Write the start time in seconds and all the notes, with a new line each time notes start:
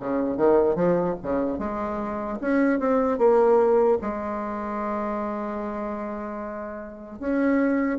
0.00 C#3
0.37 D#3
0.76 F3
1.23 C#3
1.59 G#3
2.41 C#4
2.80 C4
3.18 A#3
4.02 G#3
7.20 C#4